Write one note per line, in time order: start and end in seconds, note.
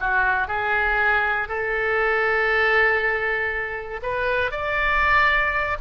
0.00 0.47 F#4
0.47 1.48 G#4
1.49 4.01 A4
4.03 4.51 B4
4.51 5.77 D5